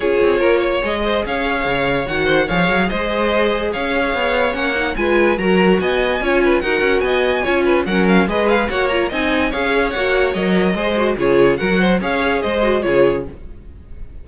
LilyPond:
<<
  \new Staff \with { instrumentName = "violin" } { \time 4/4 \tempo 4 = 145 cis''2 dis''4 f''4~ | f''4 fis''4 f''4 dis''4~ | dis''4 f''2 fis''4 | gis''4 ais''4 gis''2 |
fis''4 gis''2 fis''8 f''8 | dis''8 f''8 fis''8 ais''8 gis''4 f''4 | fis''4 dis''2 cis''4 | fis''4 f''4 dis''4 cis''4 | }
  \new Staff \with { instrumentName = "violin" } { \time 4/4 gis'4 ais'8 cis''4 c''8 cis''4~ | cis''4. c''8 cis''4 c''4~ | c''4 cis''2. | b'4 ais'4 dis''4 cis''8 b'8 |
ais'4 dis''4 cis''8 b'8 ais'4 | b'4 cis''4 dis''4 cis''4~ | cis''2 c''4 gis'4 | ais'8 c''8 cis''4 c''4 gis'4 | }
  \new Staff \with { instrumentName = "viola" } { \time 4/4 f'2 gis'2~ | gis'4 fis'4 gis'2~ | gis'2. cis'8 dis'8 | f'4 fis'2 f'4 |
fis'2 f'4 cis'4 | gis'4 fis'8 f'8 dis'4 gis'4 | fis'4 ais'4 gis'8 fis'8 f'4 | fis'4 gis'4. fis'8 f'4 | }
  \new Staff \with { instrumentName = "cello" } { \time 4/4 cis'8 c'8 ais4 gis4 cis'4 | cis4 dis4 f8 fis8 gis4~ | gis4 cis'4 b4 ais4 | gis4 fis4 b4 cis'4 |
dis'8 cis'8 b4 cis'4 fis4 | gis4 ais4 c'4 cis'4 | ais4 fis4 gis4 cis4 | fis4 cis'4 gis4 cis4 | }
>>